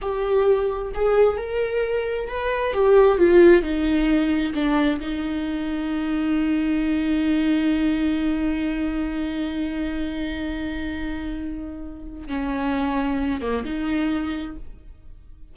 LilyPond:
\new Staff \with { instrumentName = "viola" } { \time 4/4 \tempo 4 = 132 g'2 gis'4 ais'4~ | ais'4 b'4 g'4 f'4 | dis'2 d'4 dis'4~ | dis'1~ |
dis'1~ | dis'1~ | dis'2. cis'4~ | cis'4. ais8 dis'2 | }